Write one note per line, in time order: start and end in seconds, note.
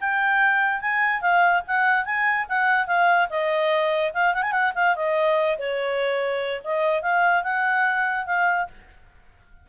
0.00 0.81 G5
0.81 1.21 G#5
1.21 1.62 F5
1.67 2.05 F#5
2.05 2.46 G#5
2.48 2.87 F#5
2.87 3.28 F5
3.29 4.12 D#5
4.13 4.34 F5
4.34 4.42 F#5
4.42 4.52 G#5
4.52 4.72 F#5
4.74 4.95 F5
4.95 5.57 D#5
5.58 6.61 C#5
6.64 7.02 D#5
7.02 7.43 F5
7.43 8.26 F#5
8.26 8.67 F5